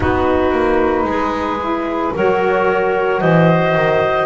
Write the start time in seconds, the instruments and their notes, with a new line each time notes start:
0.00 double bass B3, saxophone D#4, clarinet F#4, flute B4
0.52 double bass A#3
1.04 double bass G#3, clarinet G#4
1.60 saxophone E4
2.14 double bass F#3, saxophone F#4, clarinet A#4, flute C#5
3.20 double bass E3, clarinet C5, flute D#5
3.75 double bass D#3